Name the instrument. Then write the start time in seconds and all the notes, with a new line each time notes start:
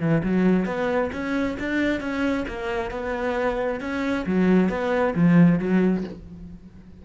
cello
0.00 E3
0.23 F#3
0.66 B3
1.12 C#4
1.59 D4
2.00 C#4
2.48 A#3
2.91 B3
3.80 C#4
4.26 F#3
4.69 B3
5.15 F3
5.59 F#3